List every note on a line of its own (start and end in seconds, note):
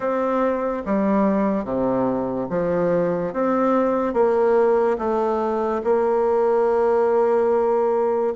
0.00 0.83 C4
0.85 1.64 G3
1.64 2.47 C3
2.49 3.33 F3
3.33 4.13 C4
4.13 4.97 A#3
4.98 5.81 A3
5.83 8.33 A#3